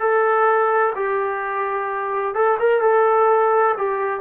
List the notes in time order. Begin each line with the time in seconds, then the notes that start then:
0.00 A4
0.95 G4
2.35 A4
2.60 A#4
2.81 A4
3.78 G4